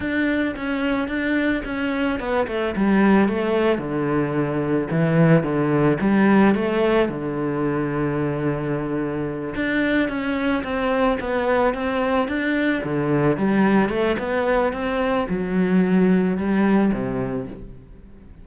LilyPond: \new Staff \with { instrumentName = "cello" } { \time 4/4 \tempo 4 = 110 d'4 cis'4 d'4 cis'4 | b8 a8 g4 a4 d4~ | d4 e4 d4 g4 | a4 d2.~ |
d4. d'4 cis'4 c'8~ | c'8 b4 c'4 d'4 d8~ | d8 g4 a8 b4 c'4 | fis2 g4 c4 | }